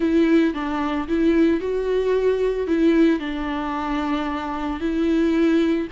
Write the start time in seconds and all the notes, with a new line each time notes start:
0.00 E4
0.54 D4
1.08 E4
1.60 F#4
2.67 E4
3.19 D4
4.80 E4